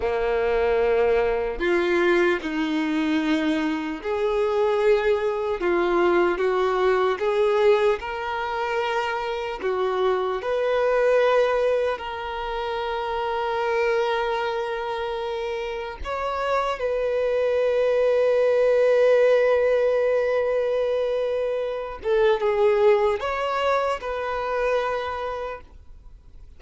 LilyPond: \new Staff \with { instrumentName = "violin" } { \time 4/4 \tempo 4 = 75 ais2 f'4 dis'4~ | dis'4 gis'2 f'4 | fis'4 gis'4 ais'2 | fis'4 b'2 ais'4~ |
ais'1 | cis''4 b'2.~ | b'2.~ b'8 a'8 | gis'4 cis''4 b'2 | }